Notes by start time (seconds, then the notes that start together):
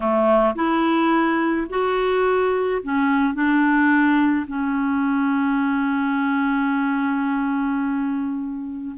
0.00 A3
0.55 E4
1.69 F#4
2.82 C#4
3.34 D4
4.47 C#4